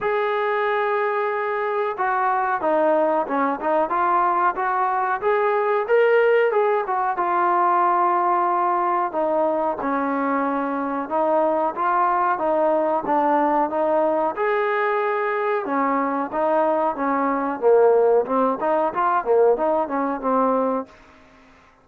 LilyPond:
\new Staff \with { instrumentName = "trombone" } { \time 4/4 \tempo 4 = 92 gis'2. fis'4 | dis'4 cis'8 dis'8 f'4 fis'4 | gis'4 ais'4 gis'8 fis'8 f'4~ | f'2 dis'4 cis'4~ |
cis'4 dis'4 f'4 dis'4 | d'4 dis'4 gis'2 | cis'4 dis'4 cis'4 ais4 | c'8 dis'8 f'8 ais8 dis'8 cis'8 c'4 | }